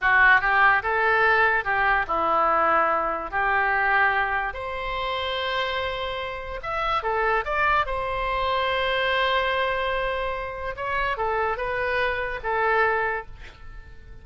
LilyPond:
\new Staff \with { instrumentName = "oboe" } { \time 4/4 \tempo 4 = 145 fis'4 g'4 a'2 | g'4 e'2. | g'2. c''4~ | c''1 |
e''4 a'4 d''4 c''4~ | c''1~ | c''2 cis''4 a'4 | b'2 a'2 | }